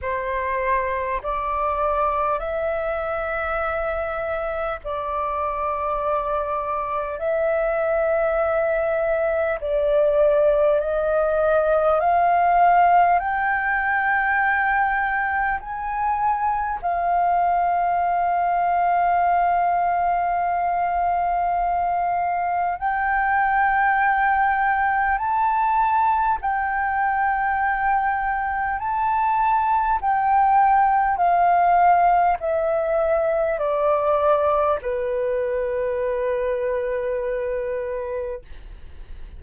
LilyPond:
\new Staff \with { instrumentName = "flute" } { \time 4/4 \tempo 4 = 50 c''4 d''4 e''2 | d''2 e''2 | d''4 dis''4 f''4 g''4~ | g''4 gis''4 f''2~ |
f''2. g''4~ | g''4 a''4 g''2 | a''4 g''4 f''4 e''4 | d''4 b'2. | }